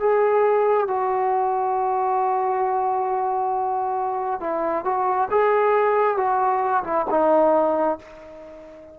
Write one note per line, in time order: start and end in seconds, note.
0.00 0.87 G#4
0.87 4.40 F#4
4.40 4.84 E4
4.84 5.29 F#4
5.31 6.17 G#4
6.17 6.83 F#4
6.84 7.06 E4
7.10 7.99 D#4